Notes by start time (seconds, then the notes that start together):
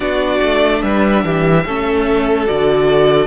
0.00 B3 D4 F#4 D5
0.41 A3
0.82 G3 B4 E5
1.23 E3 G4
1.65 A3 C#4 A4
2.47 D3 F#4 D5